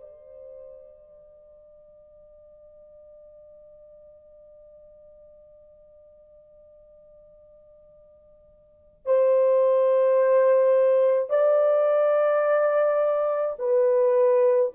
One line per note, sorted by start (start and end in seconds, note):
0.00 9.05 D5
9.05 11.30 C5
11.30 13.56 D5
13.58 14.72 B4